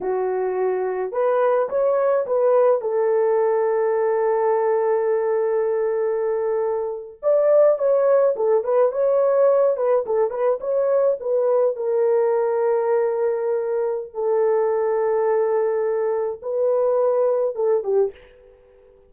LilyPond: \new Staff \with { instrumentName = "horn" } { \time 4/4 \tempo 4 = 106 fis'2 b'4 cis''4 | b'4 a'2.~ | a'1~ | a'8. d''4 cis''4 a'8 b'8 cis''16~ |
cis''4~ cis''16 b'8 a'8 b'8 cis''4 b'16~ | b'8. ais'2.~ ais'16~ | ais'4 a'2.~ | a'4 b'2 a'8 g'8 | }